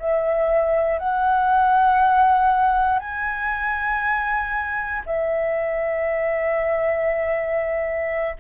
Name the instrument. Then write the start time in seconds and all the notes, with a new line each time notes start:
flute
0.00 E5
0.99 F#5
3.00 G#5
5.06 E5